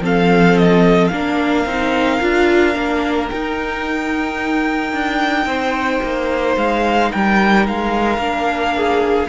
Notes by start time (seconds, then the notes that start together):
0.00 F3 C4 A4 F5
0.58 D#5
1.07 A#3 D4 A#4 F5
1.65 C4 D#4
2.20 D4 F4
2.73 A#3 D4
3.29 D#4 G5
4.92 D4
5.45 C4 C5
6.03 A#3
6.56 G#3 F5
7.12 G3 A#4 G5
7.67 G#3 F5
8.17 A#3 D4
8.76 G#4